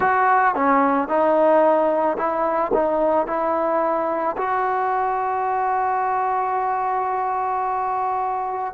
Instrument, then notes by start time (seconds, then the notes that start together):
trombone
0.00 F#4
0.55 C#4
1.08 D#4
2.17 E4
2.73 D#4
3.26 E4
4.37 F#4